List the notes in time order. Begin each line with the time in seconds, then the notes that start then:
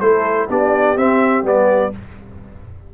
0.00 A3 E4 A4 C5
0.49 B3 D4 G4 D5
0.96 C4 E5
1.43 G3 B3 D5